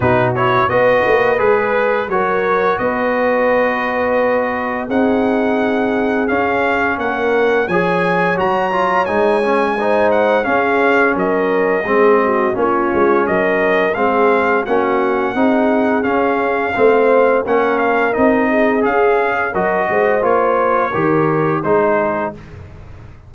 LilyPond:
<<
  \new Staff \with { instrumentName = "trumpet" } { \time 4/4 \tempo 4 = 86 b'8 cis''8 dis''4 b'4 cis''4 | dis''2. fis''4~ | fis''4 f''4 fis''4 gis''4 | ais''4 gis''4. fis''8 f''4 |
dis''2 cis''4 dis''4 | f''4 fis''2 f''4~ | f''4 fis''8 f''8 dis''4 f''4 | dis''4 cis''2 c''4 | }
  \new Staff \with { instrumentName = "horn" } { \time 4/4 fis'4 b'2 ais'4 | b'2. gis'4~ | gis'2 ais'4 cis''4~ | cis''2 c''4 gis'4 |
ais'4 gis'8 fis'8 f'4 ais'4 | gis'4 fis'4 gis'2 | c''4 ais'4. gis'4. | ais'8 c''4. ais'4 gis'4 | }
  \new Staff \with { instrumentName = "trombone" } { \time 4/4 dis'8 e'8 fis'4 gis'4 fis'4~ | fis'2. dis'4~ | dis'4 cis'2 gis'4 | fis'8 f'8 dis'8 cis'8 dis'4 cis'4~ |
cis'4 c'4 cis'2 | c'4 cis'4 dis'4 cis'4 | c'4 cis'4 dis'4 gis'4 | fis'4 f'4 g'4 dis'4 | }
  \new Staff \with { instrumentName = "tuba" } { \time 4/4 b,4 b8 ais8 gis4 fis4 | b2. c'4~ | c'4 cis'4 ais4 f4 | fis4 gis2 cis'4 |
fis4 gis4 ais8 gis8 fis4 | gis4 ais4 c'4 cis'4 | a4 ais4 c'4 cis'4 | fis8 gis8 ais4 dis4 gis4 | }
>>